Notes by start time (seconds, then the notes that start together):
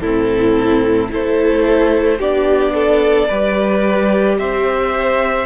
0.00 A2 C4 E4 A4
1.10 A3 E4 A4 C5
2.19 B3 D4 G4 D5
2.74 A4
3.28 G3 G4 B4
4.39 C4 C5 E5